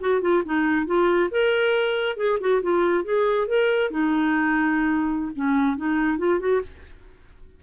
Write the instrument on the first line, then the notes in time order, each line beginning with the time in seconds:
clarinet
0.00 F#4
0.21 F4
0.45 D#4
0.86 F4
1.31 A#4
2.17 G#4
2.40 F#4
2.62 F4
3.04 G#4
3.47 A#4
3.91 D#4
5.35 C#4
5.77 D#4
6.18 F4
6.40 F#4